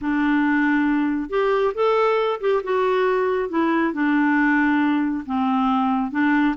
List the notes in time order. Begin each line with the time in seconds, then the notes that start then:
0.01 D4
1.29 G4
1.74 A4
2.40 G4
2.63 F#4
3.49 E4
3.93 D4
5.26 C4
6.11 D4